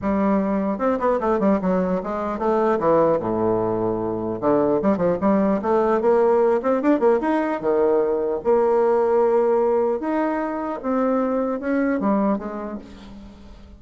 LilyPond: \new Staff \with { instrumentName = "bassoon" } { \time 4/4 \tempo 4 = 150 g2 c'8 b8 a8 g8 | fis4 gis4 a4 e4 | a,2. d4 | g8 f8 g4 a4 ais4~ |
ais8 c'8 d'8 ais8 dis'4 dis4~ | dis4 ais2.~ | ais4 dis'2 c'4~ | c'4 cis'4 g4 gis4 | }